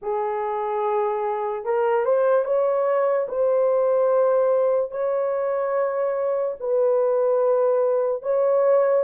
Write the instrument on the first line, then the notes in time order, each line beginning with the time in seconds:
horn
0.01 G#4
1.64 A#4
2.05 C5
2.44 C#5
3.28 C5
4.91 C#5
6.59 B4
8.22 C#5